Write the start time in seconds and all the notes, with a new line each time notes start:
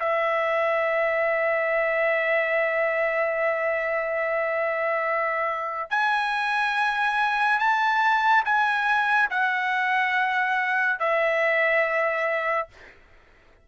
0.00 E5
5.90 G#5
7.59 A5
8.45 G#5
9.30 F#5
10.99 E5